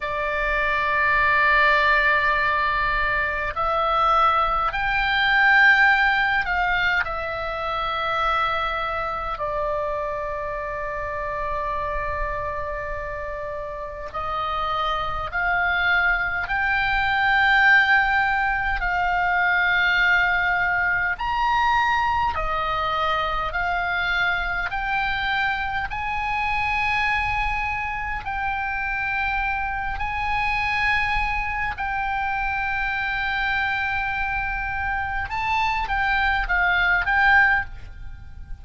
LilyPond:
\new Staff \with { instrumentName = "oboe" } { \time 4/4 \tempo 4 = 51 d''2. e''4 | g''4. f''8 e''2 | d''1 | dis''4 f''4 g''2 |
f''2 ais''4 dis''4 | f''4 g''4 gis''2 | g''4. gis''4. g''4~ | g''2 a''8 g''8 f''8 g''8 | }